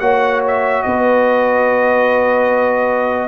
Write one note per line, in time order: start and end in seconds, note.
0.00 0.83 A#3
0.00 3.28 F#4
0.00 0.83 C#5
0.00 0.41 F#5
0.48 0.83 E5
0.83 3.28 B3
0.83 3.28 B4
0.83 3.28 D#5